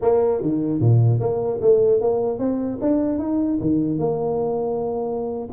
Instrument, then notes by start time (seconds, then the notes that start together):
tuba
0.01 A#3
0.41 D#3
0.80 A#2
1.20 A#3
1.61 A3
2.00 A#3
2.39 C4
2.81 D4
3.19 D#4
3.60 D#3
3.98 A#3